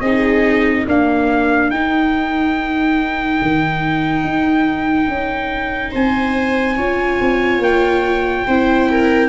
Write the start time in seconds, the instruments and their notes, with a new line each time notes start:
0.00 tuba C4, viola D#4 G#4, trumpet D#5
0.84 viola A#3 A#4, tuba D4, trumpet F5
1.70 tuba D#4, viola D#4, trumpet G5
3.42 tuba D#3
4.23 tuba D#4
5.07 tuba C#4
5.91 tuba C4, viola C5, trumpet G#5
6.76 tuba C#4, viola F4 C#5
7.20 tuba C4
7.58 tuba A#3, trumpet G5
8.47 tuba C4, viola E4 C5
8.90 viola A#4